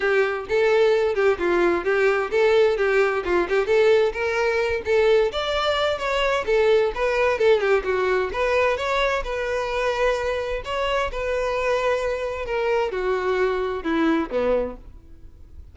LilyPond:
\new Staff \with { instrumentName = "violin" } { \time 4/4 \tempo 4 = 130 g'4 a'4. g'8 f'4 | g'4 a'4 g'4 f'8 g'8 | a'4 ais'4. a'4 d''8~ | d''4 cis''4 a'4 b'4 |
a'8 g'8 fis'4 b'4 cis''4 | b'2. cis''4 | b'2. ais'4 | fis'2 e'4 b4 | }